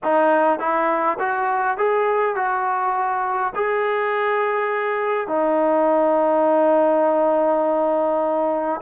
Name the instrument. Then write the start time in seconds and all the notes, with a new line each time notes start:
trombone
0.03 D#4
0.59 E4
1.19 F#4
1.77 G#4
2.35 F#4
3.55 G#4
5.27 D#4